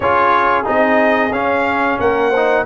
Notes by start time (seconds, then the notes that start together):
0.00 C#4 F4 G#4 C#5
0.64 C4 D#4 D#5
1.31 C#4 F5
1.99 A#3 A#4 F#5
2.30 D#4 C5